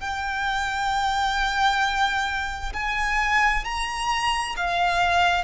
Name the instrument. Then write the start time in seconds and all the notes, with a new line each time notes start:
violin
0.00 G5
2.73 G#5
3.64 A#5
4.56 F5